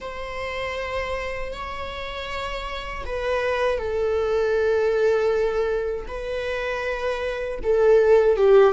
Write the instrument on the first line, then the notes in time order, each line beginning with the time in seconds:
viola
0.00 C5
1.53 C#5
3.06 B4
3.78 A4
6.07 B4
7.63 A4
8.36 G4